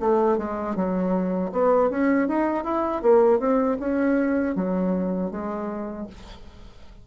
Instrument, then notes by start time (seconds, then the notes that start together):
bassoon
0.00 A3
0.38 G#3
0.76 F#3
1.52 B3
1.90 C#4
2.28 D#4
2.64 E4
3.02 A#3
3.39 C4
3.79 C#4
4.55 F#3
5.31 G#3